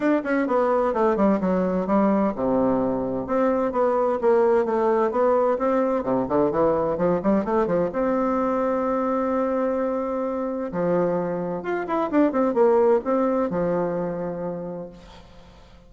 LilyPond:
\new Staff \with { instrumentName = "bassoon" } { \time 4/4 \tempo 4 = 129 d'8 cis'8 b4 a8 g8 fis4 | g4 c2 c'4 | b4 ais4 a4 b4 | c'4 c8 d8 e4 f8 g8 |
a8 f8 c'2.~ | c'2. f4~ | f4 f'8 e'8 d'8 c'8 ais4 | c'4 f2. | }